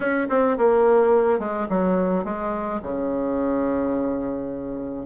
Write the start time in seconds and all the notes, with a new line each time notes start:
0.00 C#4
0.29 C4
0.57 A#3
1.39 G#3
1.69 F#3
2.24 G#3
2.82 C#3